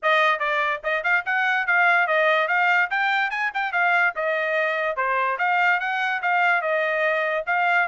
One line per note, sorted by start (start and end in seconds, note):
0.02 0.39 D#5
0.39 0.80 D5
0.83 1.03 D#5
1.03 1.24 F5
1.25 1.66 F#5
1.66 2.07 F5
2.07 2.48 D#5
2.48 2.89 F5
2.90 3.30 G5
3.30 3.51 G#5
3.54 3.72 G5
3.72 4.13 F5
4.15 4.96 D#5
4.96 5.37 C5
5.38 5.79 F5
5.79 6.21 F#5
6.22 6.61 F5
6.61 7.44 D#5
7.46 7.87 F5